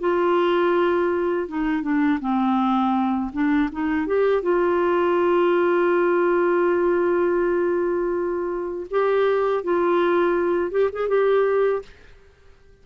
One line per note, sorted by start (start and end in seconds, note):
0.00 1.48 F4
1.48 1.82 D#4
1.82 2.20 D4
2.20 3.31 C4
3.33 3.70 D4
3.72 4.07 D#4
4.07 4.42 G4
4.42 8.87 F4
8.91 9.64 G4
9.64 10.71 F4
10.71 10.90 G4
10.92 11.08 G#4
11.08 11.82 G4